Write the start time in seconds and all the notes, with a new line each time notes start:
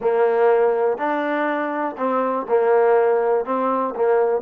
0.00 A#3
0.97 D4
1.97 C4
2.48 A#3
3.45 C4
3.95 A#3